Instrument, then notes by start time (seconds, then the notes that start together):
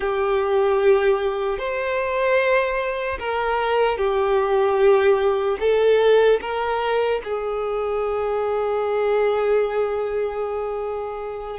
violin
0.00 G4
1.58 C5
3.19 A#4
3.97 G4
5.60 A4
6.41 A#4
7.24 G#4